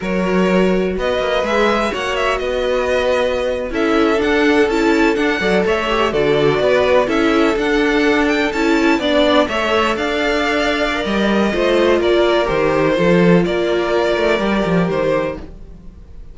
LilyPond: <<
  \new Staff \with { instrumentName = "violin" } { \time 4/4 \tempo 4 = 125 cis''2 dis''4 e''4 | fis''8 e''8 dis''2~ dis''8. e''16~ | e''8. fis''4 a''4 fis''4 e''16~ | e''8. d''2 e''4 fis''16~ |
fis''4~ fis''16 g''8 a''4 d''4 e''16~ | e''8. f''2~ f''16 dis''4~ | dis''4 d''4 c''2 | d''2. c''4 | }
  \new Staff \with { instrumentName = "violin" } { \time 4/4 ais'2 b'2 | cis''4 b'2~ b'8. a'16~ | a'2.~ a'16 d''8 cis''16~ | cis''8. a'4 b'4 a'4~ a'16~ |
a'2~ a'8. d''4 cis''16~ | cis''8. d''2.~ d''16 | c''4 ais'2 a'4 | ais'1 | }
  \new Staff \with { instrumentName = "viola" } { \time 4/4 fis'2. gis'4 | fis'2.~ fis'8. e'16~ | e'8. d'4 e'4 d'8 a'8.~ | a'16 g'8 fis'2 e'4 d'16~ |
d'4.~ d'16 e'4 d'4 a'16~ | a'2~ a'8. ais'4~ ais'16 | f'2 g'4 f'4~ | f'2 g'2 | }
  \new Staff \with { instrumentName = "cello" } { \time 4/4 fis2 b8 ais8 gis4 | ais4 b2~ b8. cis'16~ | cis'8. d'4 cis'4 d'8 fis8 a16~ | a8. d4 b4 cis'4 d'16~ |
d'4.~ d'16 cis'4 b4 a16~ | a8. d'2~ d'16 g4 | a4 ais4 dis4 f4 | ais4. a8 g8 f8 dis4 | }
>>